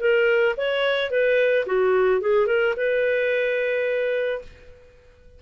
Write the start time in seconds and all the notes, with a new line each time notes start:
0.00 A#4
0.57 C#5
1.10 B4
1.66 F#4
2.21 G#4
2.46 A#4
2.76 B4